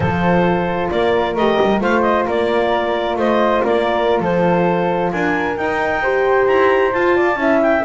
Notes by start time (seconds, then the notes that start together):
0.00 F3 F4 A4 C5
0.90 A#3 A#4 D5
1.35 A3 G4 D#5
1.61 G3
1.80 A3 F4 C5 F5
2.01 D#5
2.26 A#3 A#4 D5
3.16 A3 C5 D#5
3.64 A#3 A#4 D5
4.20 F3 A4 C5
5.11 D4 A#4 G#5
5.56 D#4 G5
6.02 G4 C5
6.46 E4 A#5
6.92 F4 A5
7.15 D5
7.35 C#4 E4 E5
7.61 G5